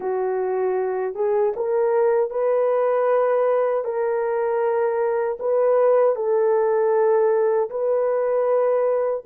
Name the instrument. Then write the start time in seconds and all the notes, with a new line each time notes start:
horn
0.00 F#4
1.14 G#4
1.56 A#4
2.30 B4
3.84 A#4
5.39 B4
6.15 A4
7.70 B4